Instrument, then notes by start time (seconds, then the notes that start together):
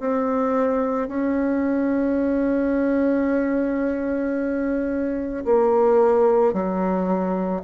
bassoon
0.00 C4
1.08 C#4
5.45 A#3
6.53 F#3